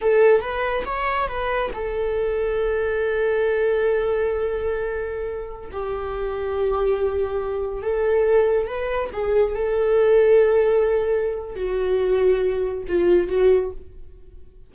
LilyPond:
\new Staff \with { instrumentName = "viola" } { \time 4/4 \tempo 4 = 140 a'4 b'4 cis''4 b'4 | a'1~ | a'1~ | a'4~ a'16 g'2~ g'8.~ |
g'2~ g'16 a'4.~ a'16~ | a'16 b'4 gis'4 a'4.~ a'16~ | a'2. fis'4~ | fis'2 f'4 fis'4 | }